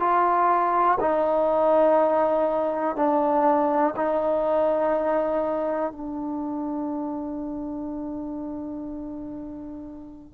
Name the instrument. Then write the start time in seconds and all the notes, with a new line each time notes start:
trombone
0.00 F4
1.00 D#4
2.96 D4
3.96 D#4
5.92 D4